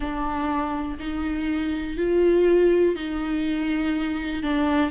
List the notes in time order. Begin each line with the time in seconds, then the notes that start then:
0.00 D4
0.98 D#4
1.97 F4
2.95 D#4
4.42 D4